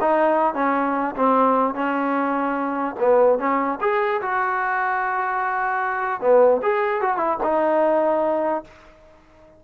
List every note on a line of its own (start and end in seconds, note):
0.00 0.54 D#4
0.54 1.15 C#4
1.16 1.74 C4
1.74 2.95 C#4
2.99 3.38 B3
3.38 3.79 C#4
3.81 4.21 G#4
4.21 6.20 F#4
6.20 6.61 B3
6.62 7.01 G#4
7.01 7.17 F#4
7.17 7.37 E4
7.43 8.64 D#4